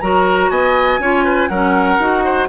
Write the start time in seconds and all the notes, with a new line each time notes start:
0.00 F#3 F#4 A#4 A#5
0.50 B3 D#5 G#5
0.98 C#4 F4 C#5
1.24 B4
1.48 F#3 C#4 A#4 F#5
1.98 D#4 F#4
2.24 C5